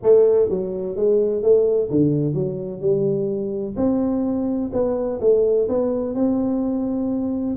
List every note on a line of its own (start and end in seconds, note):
0.02 0.49 A3
0.49 0.96 F#3
0.96 1.42 G#3
1.42 1.89 A3
1.90 2.34 D3
2.34 2.80 F#3
2.80 3.75 G3
3.76 4.70 C4
4.72 5.19 B3
5.20 5.67 A3
5.68 6.15 B3
6.15 7.56 C4